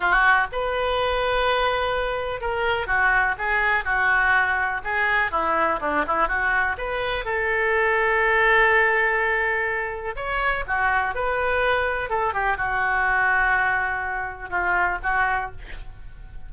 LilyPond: \new Staff \with { instrumentName = "oboe" } { \time 4/4 \tempo 4 = 124 fis'4 b'2.~ | b'4 ais'4 fis'4 gis'4 | fis'2 gis'4 e'4 | d'8 e'8 fis'4 b'4 a'4~ |
a'1~ | a'4 cis''4 fis'4 b'4~ | b'4 a'8 g'8 fis'2~ | fis'2 f'4 fis'4 | }